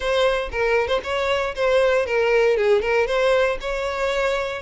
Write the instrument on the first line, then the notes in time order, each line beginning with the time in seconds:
violin
0.00 C5
0.51 A#4
0.87 C5
1.03 C#5
1.55 C5
2.06 A#4
2.56 G#4
2.81 A#4
3.06 C5
3.60 C#5